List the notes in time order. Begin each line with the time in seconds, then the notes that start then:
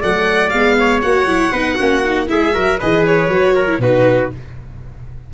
0.00 F#3 A3 D5 F#5
0.49 G#3 B3 F5
0.79 C#5
1.02 A#3 F#4 F#5
1.26 F#3 E4
1.52 B3 D#4 B4
1.75 A#3 C#4 F#4
2.04 D#4
2.27 G#3 E4 G#4 E5
2.52 F#3 F#4 A#4
2.79 E3 G#4 B4 D#5
3.06 C#5
3.28 F#3 F#4
3.55 A#4
3.67 E4
3.78 B2 D#4 F#4 B4